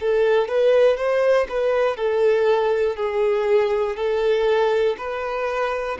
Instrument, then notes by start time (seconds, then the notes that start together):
violin
0.00 A4
0.48 B4
0.97 C5
1.49 B4
1.97 A4
2.96 G#4
3.96 A4
4.98 B4